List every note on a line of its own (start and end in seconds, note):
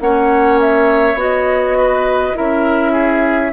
0.00 1.15 A#3
0.00 1.17 C#4
0.00 1.78 C#5
0.00 0.60 F#5
0.60 1.19 E5
1.15 2.32 B3
1.15 2.34 F#4
1.15 2.37 D#5
1.78 2.37 B4
2.34 3.53 C#4
2.34 3.52 E4
2.34 2.92 A#4
2.34 3.53 E5
2.92 3.51 G#4